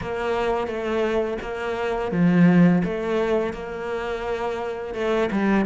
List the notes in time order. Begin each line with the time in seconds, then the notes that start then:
0.01 A#3
0.67 A3
1.41 A#3
2.11 F3
2.84 A3
3.53 A#3
4.94 A3
5.31 G3